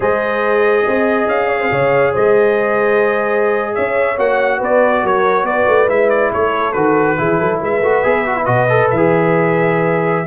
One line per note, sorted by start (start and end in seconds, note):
0.00 0.85 G#3
0.00 4.16 G#4
0.00 0.84 C5
0.00 1.28 D#5
0.84 1.27 C4
0.84 1.48 D#5
1.27 1.70 C#4
1.27 2.14 F5
1.49 1.59 C#5
1.60 1.70 C5
1.71 2.14 C#3
1.71 2.12 C#5
2.12 3.76 G#3
2.12 3.73 C5
2.12 3.74 D#5
3.74 4.18 C#4
3.74 4.57 C#5
3.74 4.17 E5
4.17 4.60 A#3
4.17 5.87 F#4
4.17 4.62 F#5
4.57 5.03 B3
4.57 5.00 B4
4.63 5.06 D5
5.02 5.43 F#3
5.02 5.45 A#4
5.02 5.45 C#5
5.43 5.64 B3
5.43 6.33 B4
5.43 5.88 D5
5.67 5.88 A3
5.87 6.31 G#3
5.87 6.73 E4
5.87 6.09 E5
6.09 6.31 D5
6.33 6.75 A3
6.33 7.18 A4
6.33 6.72 C#5
6.72 7.18 D#3
6.72 7.17 F#4
6.72 7.58 B4
7.17 7.40 E3
7.17 7.82 E4
7.17 7.39 G#4
7.39 7.61 F#3
7.39 7.60 A4
7.60 7.81 G#3
7.60 10.26 B4
7.60 8.45 E5
7.81 8.02 A3
7.81 8.03 F#4
8.03 8.47 B3
8.03 8.25 G#4
8.26 8.36 F#4
8.36 8.45 E4
8.45 8.89 B2
8.45 8.67 F#4
8.45 8.88 D#5
8.69 8.96 A4
8.90 10.26 E3
8.90 10.26 E5
8.96 10.25 G#4